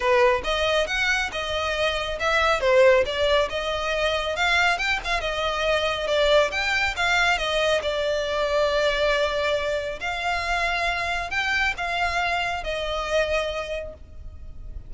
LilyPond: \new Staff \with { instrumentName = "violin" } { \time 4/4 \tempo 4 = 138 b'4 dis''4 fis''4 dis''4~ | dis''4 e''4 c''4 d''4 | dis''2 f''4 g''8 f''8 | dis''2 d''4 g''4 |
f''4 dis''4 d''2~ | d''2. f''4~ | f''2 g''4 f''4~ | f''4 dis''2. | }